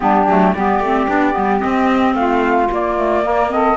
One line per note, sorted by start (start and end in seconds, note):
0.00 0.26 G3
0.00 0.25 B3
0.00 0.53 D4
0.00 0.53 G4
0.26 0.53 F#3
0.26 0.56 A3
0.53 0.79 G3
0.53 0.84 B3
0.53 2.15 G4
0.53 1.60 D5
0.79 1.06 A3
0.79 1.07 C4
1.07 1.35 B3
1.07 1.32 D4
1.32 1.63 G3
1.32 1.59 B3
1.59 2.67 C4
1.59 2.14 C4
1.59 2.14 D#5
2.14 2.68 A3
2.14 3.24 F4
2.14 2.68 F5
2.71 2.97 A#3
2.71 3.76 A#3
2.71 3.51 D5
2.97 3.23 A3
3.23 3.49 A#3
3.23 3.51 A#4
3.49 3.76 C4
3.49 3.76 A4
3.49 3.76 D#5